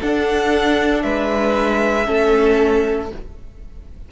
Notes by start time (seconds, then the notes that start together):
0.00 D4 A4 F#5
1.02 G#3 B4 E5
2.04 A3 C#4 A4